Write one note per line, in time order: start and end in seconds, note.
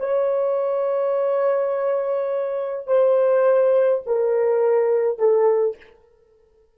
0.00 2.87 C#5
2.87 4.03 C5
4.06 5.19 A#4
5.19 5.76 A4